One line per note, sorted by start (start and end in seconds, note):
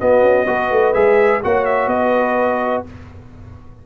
0.00 0.46 B3
0.00 0.22 B3
0.00 0.48 F#4
0.00 0.94 D#5
0.22 0.46 C#4
0.46 0.71 B3
0.46 0.94 F#4
0.46 1.44 B4
0.71 0.95 A3
0.94 1.43 G#3
0.94 1.41 G#4
0.94 1.41 E5
1.43 1.87 A#3
1.43 2.86 F#4
1.43 1.91 C#5
1.43 1.65 F#5
1.65 1.89 E5
1.87 2.82 B3
1.87 2.86 B4
1.87 2.84 D#5